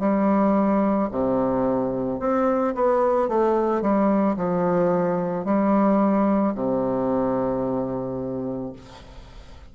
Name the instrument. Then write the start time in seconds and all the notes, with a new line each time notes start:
bassoon
0.00 G3
1.12 C3
2.20 C4
2.75 B3
3.29 A3
3.82 G3
4.37 F3
5.45 G3
6.55 C3